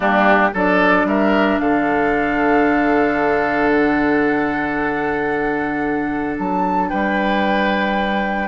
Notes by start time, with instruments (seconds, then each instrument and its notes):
0.00 bassoon G3, clarinet A#3, oboe D4, flute G4
0.53 bassoon F#3, clarinet D4, oboe A4, flute D5
1.04 bassoon G3, oboe A#4, flute E5
1.58 bassoon D3, oboe A4, flute F5
3.70 flute F#5
6.38 bassoon F#3, flute A5
6.89 bassoon G3, oboe B4, flute G5